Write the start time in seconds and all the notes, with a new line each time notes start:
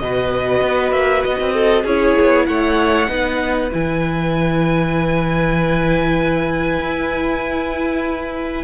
0.00 B2 F#4 B4 D#5
0.62 B3
0.92 A#3 E5
1.24 B3 D#5
1.41 C4
1.54 A4
1.84 C#4 E4 G#4 C#5
2.21 B3
2.47 A3 C#5 F#5
3.08 B3 D#4 B4
3.73 E3 E4 G#5
6.79 E4